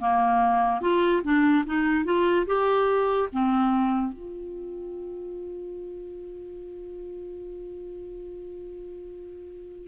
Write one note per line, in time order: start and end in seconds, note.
0.00 0.82 A#3
0.82 1.23 F4
1.24 1.65 D4
1.66 2.05 D#4
2.05 2.46 F4
2.47 3.29 G4
3.33 4.13 C4
4.13 9.88 F4